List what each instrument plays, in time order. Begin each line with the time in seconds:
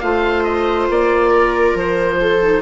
0.00 bassoon A3, clarinet F4, viola C5, oboe F5
0.43 oboe D#5
0.89 bassoon A#3, oboe D5
1.30 viola A#4
1.74 bassoon F3, oboe C5
2.20 viola A4
2.41 clarinet D#4